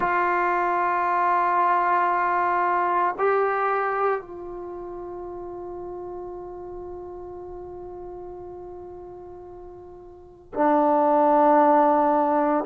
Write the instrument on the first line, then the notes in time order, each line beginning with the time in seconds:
trombone
0.00 F4
3.18 G4
4.21 F4
10.54 D4